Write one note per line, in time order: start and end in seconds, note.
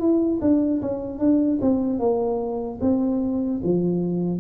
0.00 0.40 E4
0.41 0.81 D4
0.82 1.19 C#4
1.19 1.59 D4
1.61 2.00 C4
2.00 2.80 A#3
2.81 3.61 C4
3.63 4.40 F3